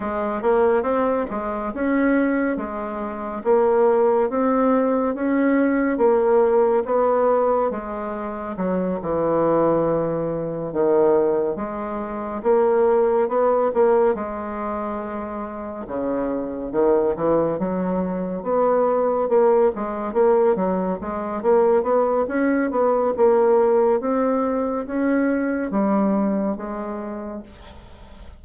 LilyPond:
\new Staff \with { instrumentName = "bassoon" } { \time 4/4 \tempo 4 = 70 gis8 ais8 c'8 gis8 cis'4 gis4 | ais4 c'4 cis'4 ais4 | b4 gis4 fis8 e4.~ | e8 dis4 gis4 ais4 b8 |
ais8 gis2 cis4 dis8 | e8 fis4 b4 ais8 gis8 ais8 | fis8 gis8 ais8 b8 cis'8 b8 ais4 | c'4 cis'4 g4 gis4 | }